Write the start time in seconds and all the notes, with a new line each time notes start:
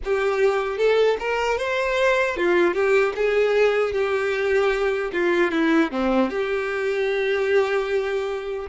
0.04 G4
0.77 A4
1.19 A#4
1.58 C5
2.36 F4
2.73 G4
3.15 G#4
3.92 G4
5.12 F4
5.51 E4
5.91 C4
6.30 G4